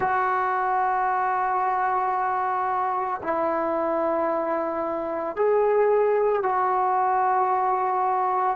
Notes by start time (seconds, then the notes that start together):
0.00 F#4
3.22 E4
5.36 G#4
6.42 F#4